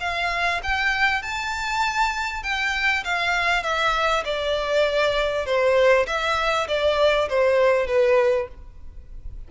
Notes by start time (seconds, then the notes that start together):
0.00 F5
0.63 G5
1.22 A5
2.43 G5
3.04 F5
3.63 E5
4.24 D5
5.45 C5
6.06 E5
6.67 D5
7.29 C5
7.87 B4